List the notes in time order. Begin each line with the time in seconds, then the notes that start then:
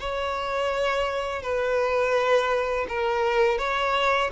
0.00 C#5
1.43 B4
2.89 A#4
3.59 C#5